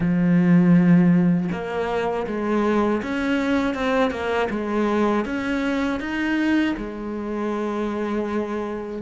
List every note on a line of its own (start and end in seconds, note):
0.00 1.49 F3
1.51 2.26 A#3
2.26 3.01 G#3
3.02 3.74 C#4
3.74 4.10 C4
4.10 4.48 A#3
4.50 5.25 G#3
5.25 6.00 C#4
6.00 6.75 D#4
6.77 9.01 G#3